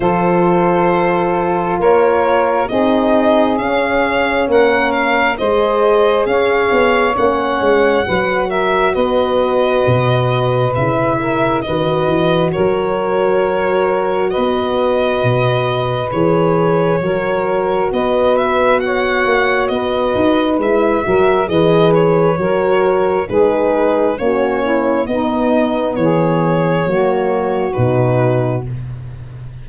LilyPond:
<<
  \new Staff \with { instrumentName = "violin" } { \time 4/4 \tempo 4 = 67 c''2 cis''4 dis''4 | f''4 fis''8 f''8 dis''4 f''4 | fis''4. e''8 dis''2 | e''4 dis''4 cis''2 |
dis''2 cis''2 | dis''8 e''8 fis''4 dis''4 e''4 | dis''8 cis''4. b'4 cis''4 | dis''4 cis''2 b'4 | }
  \new Staff \with { instrumentName = "saxophone" } { \time 4/4 a'2 ais'4 gis'4~ | gis'4 ais'4 c''4 cis''4~ | cis''4 b'8 ais'8 b'2~ | b'8 ais'8 b'4 ais'2 |
b'2. ais'4 | b'4 cis''4 b'4. ais'8 | b'4 ais'4 gis'4 fis'8 e'8 | dis'4 gis'4 fis'2 | }
  \new Staff \with { instrumentName = "horn" } { \time 4/4 f'2. dis'4 | cis'2 gis'2 | cis'4 fis'2. | e'4 fis'2.~ |
fis'2 gis'4 fis'4~ | fis'2. e'8 fis'8 | gis'4 fis'4 dis'4 cis'4 | b2 ais4 dis'4 | }
  \new Staff \with { instrumentName = "tuba" } { \time 4/4 f2 ais4 c'4 | cis'4 ais4 gis4 cis'8 b8 | ais8 gis8 fis4 b4 b,4 | cis4 dis8 e8 fis2 |
b4 b,4 e4 fis4 | b4. ais8 b8 dis'8 gis8 fis8 | e4 fis4 gis4 ais4 | b4 e4 fis4 b,4 | }
>>